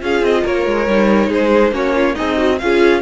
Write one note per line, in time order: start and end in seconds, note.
0.00 0.22 C#4
0.00 0.86 F4
0.00 0.44 G#4
0.00 0.25 F5
0.22 0.44 C4
0.22 0.46 D#5
0.44 0.67 A#3
0.44 1.29 A#4
0.44 1.32 C#5
0.67 0.88 G#3
0.88 1.29 G3
0.88 1.72 D#4
1.29 1.72 G#3
1.29 1.72 G#4
1.29 1.75 C5
1.72 2.15 A#3
1.72 2.16 C#4
1.72 1.95 F#4
1.72 2.16 C#5
1.95 2.15 F4
2.15 2.62 C4
2.15 2.58 D#4
2.15 2.37 G#4
2.15 2.59 D#5
2.37 2.59 F#4
2.59 3.02 C#4
2.59 3.02 F4
2.59 3.02 G#4
2.59 3.02 F5